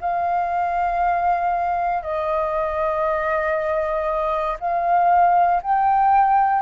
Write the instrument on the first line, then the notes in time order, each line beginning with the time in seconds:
flute
0.00 F5
2.02 D#5
4.59 F5
5.62 G5